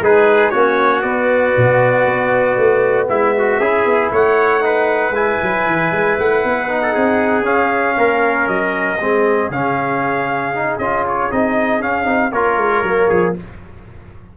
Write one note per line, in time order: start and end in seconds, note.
0.00 0.51 G#3
0.00 0.53 D#4
0.00 0.51 G#4
0.00 0.49 B4
0.49 1.03 A#3
0.49 1.03 C#4
0.49 3.07 F#4
0.49 1.01 C#5
1.01 1.54 B3
1.01 3.60 B3
1.01 3.06 D5
1.56 2.04 B2
2.04 2.56 B3
2.57 3.08 A3
3.08 3.59 G#3
3.08 3.34 E4
3.08 4.11 E5
3.38 3.60 F#4
3.59 3.85 C#4
3.59 4.61 E4
3.59 4.11 G#4
3.85 4.10 B3
4.11 5.10 A3
4.11 4.63 C#5
4.11 5.15 F#5
4.61 5.12 D#4
4.61 6.82 B4
5.10 5.36 G#3
5.10 6.68 E4
5.10 6.18 G#5
5.42 5.66 F#3
5.66 5.91 E3
5.91 6.17 G#3
6.18 6.44 A3
6.18 7.45 F#5
6.44 6.95 B3
6.68 7.43 D#4
6.82 6.93 A4
6.93 7.44 C4
6.93 7.96 G#4
7.43 8.97 C#4
7.43 7.96 C#4
7.43 8.48 F5
7.97 8.47 A#3
7.97 9.01 A#4
8.47 8.98 F#3
8.47 9.50 D#5
9.00 9.49 G#3
9.00 9.52 C4
9.00 12.33 G#4
9.49 10.77 C#3
9.49 10.54 C#4
9.49 10.78 F5
10.54 10.80 D#4
10.78 11.29 C#4
10.78 11.30 F4
10.78 11.04 D#5
11.07 11.31 C#5
11.30 11.80 C4
11.30 11.80 D#4
11.30 11.82 D#5
11.80 12.05 C#4
11.80 12.04 C#4
11.80 12.32 F5
12.04 12.31 C4
12.04 12.30 D#4
12.32 12.57 A#3
12.32 12.85 F4
12.32 13.09 A#4
12.32 13.34 C#5
12.57 12.82 G#3
12.83 13.09 F#3
12.83 13.37 A#3
13.09 13.36 F3
13.09 13.34 G#4